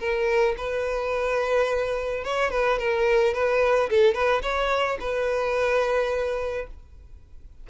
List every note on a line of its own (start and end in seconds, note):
0.00 0.56 A#4
0.58 2.24 B4
2.25 2.51 C#5
2.51 2.79 B4
2.79 3.34 A#4
3.34 3.90 B4
3.90 4.15 A4
4.15 4.42 B4
4.43 4.98 C#5
5.01 6.67 B4